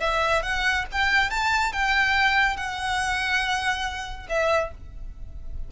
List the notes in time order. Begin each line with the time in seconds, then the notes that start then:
0.00 E5
0.42 F#5
0.91 G5
1.30 A5
1.72 G5
2.56 F#5
4.28 E5